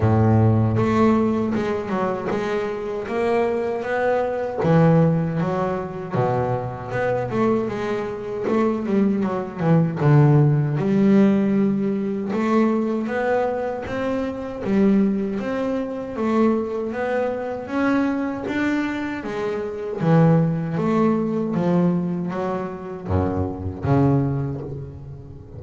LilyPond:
\new Staff \with { instrumentName = "double bass" } { \time 4/4 \tempo 4 = 78 a,4 a4 gis8 fis8 gis4 | ais4 b4 e4 fis4 | b,4 b8 a8 gis4 a8 g8 | fis8 e8 d4 g2 |
a4 b4 c'4 g4 | c'4 a4 b4 cis'4 | d'4 gis4 e4 a4 | f4 fis4 fis,4 cis4 | }